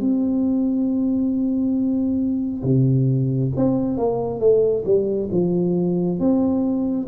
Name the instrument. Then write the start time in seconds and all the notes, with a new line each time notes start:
tuba
0.00 C4
2.63 C3
3.56 C4
3.97 A#3
4.40 A3
4.85 G3
5.31 F3
6.19 C4